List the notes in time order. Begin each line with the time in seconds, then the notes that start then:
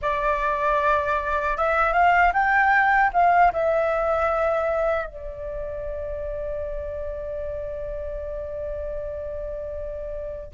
0.01 D5
1.57 E5
1.93 F5
2.33 G5
3.13 F5
3.52 E5
5.06 D5